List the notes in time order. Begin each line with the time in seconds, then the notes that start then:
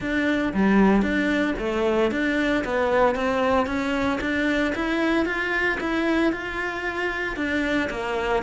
0.00 D4
0.53 G3
1.01 D4
1.58 A3
2.11 D4
2.64 B3
3.15 C4
3.66 C#4
4.21 D4
4.75 E4
5.25 F4
5.80 E4
6.32 F4
7.36 D4
7.89 A#3